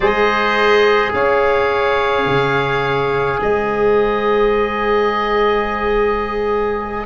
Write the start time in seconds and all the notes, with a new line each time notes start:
0.00 G#3 G#4 C5 D#5
1.13 C#4 C#5 F5
2.25 C#3
3.40 G#3 C5 D#5